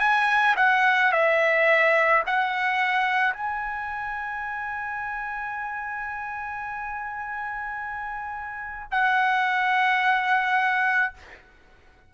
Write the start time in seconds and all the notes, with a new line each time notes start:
0.00 G#5
0.57 F#5
1.12 E5
2.27 F#5
3.33 G#5
8.91 F#5